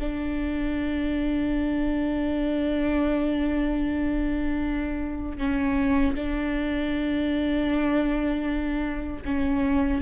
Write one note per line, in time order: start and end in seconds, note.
0.00 5.38 D4
5.38 6.15 C#4
6.15 9.23 D4
9.25 10.02 C#4